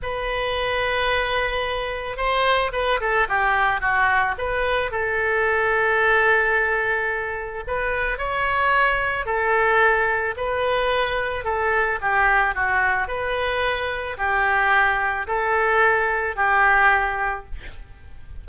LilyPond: \new Staff \with { instrumentName = "oboe" } { \time 4/4 \tempo 4 = 110 b'1 | c''4 b'8 a'8 g'4 fis'4 | b'4 a'2.~ | a'2 b'4 cis''4~ |
cis''4 a'2 b'4~ | b'4 a'4 g'4 fis'4 | b'2 g'2 | a'2 g'2 | }